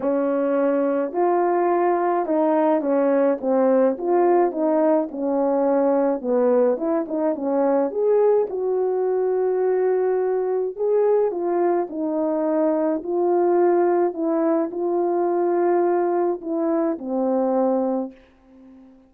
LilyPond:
\new Staff \with { instrumentName = "horn" } { \time 4/4 \tempo 4 = 106 cis'2 f'2 | dis'4 cis'4 c'4 f'4 | dis'4 cis'2 b4 | e'8 dis'8 cis'4 gis'4 fis'4~ |
fis'2. gis'4 | f'4 dis'2 f'4~ | f'4 e'4 f'2~ | f'4 e'4 c'2 | }